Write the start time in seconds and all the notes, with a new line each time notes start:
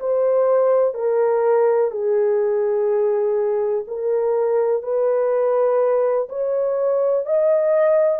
0.00 C5
0.95 A#4
1.91 G#4
3.88 A#4
4.83 B4
6.29 C#5
7.26 D#5